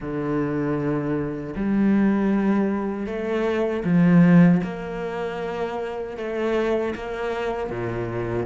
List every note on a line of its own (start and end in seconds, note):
0.00 1.54 D3
1.55 3.06 G3
3.06 3.83 A3
3.84 4.61 F3
4.63 6.17 A#3
6.17 6.94 A3
6.95 7.70 A#3
7.70 8.46 A#2